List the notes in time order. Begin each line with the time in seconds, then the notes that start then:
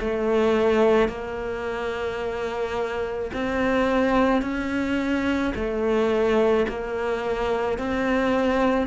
0.00 A3
1.08 A#3
3.33 C4
4.41 C#4
5.55 A3
6.68 A#3
7.78 C4